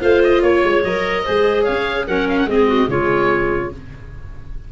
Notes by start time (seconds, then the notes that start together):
0.00 A3 F4 C5 F5
0.24 D#5
0.42 A#3 C#5
0.64 G#3
0.84 F#3 A#4 D#5
1.24 G#3 G#4 C5
1.64 C#4 C#5 F5
2.07 F#3 C#4 A#4 F#5
2.29 F5
2.38 F#5
2.45 G#3 C4 D#5
2.52 G#4
2.68 F#4
2.88 C#3 G#3 F4 C#5